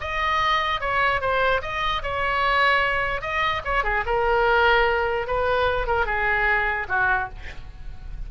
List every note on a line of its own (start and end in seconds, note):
0.00 0.80 D#5
0.80 1.20 C#5
1.20 1.61 C5
1.61 2.02 D#5
2.02 3.21 C#5
3.21 3.62 D#5
3.64 3.83 C#5
3.83 4.04 G#4
4.06 5.27 A#4
5.27 5.87 B4
5.87 6.06 A#4
6.06 6.87 G#4
6.88 7.28 F#4